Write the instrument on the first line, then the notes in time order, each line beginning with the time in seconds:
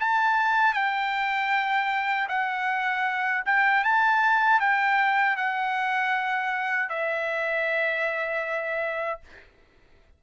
trumpet
0.00 A5
0.74 G5
2.29 F#5
3.45 G5
3.84 A5
4.60 G5
5.36 F#5
6.89 E5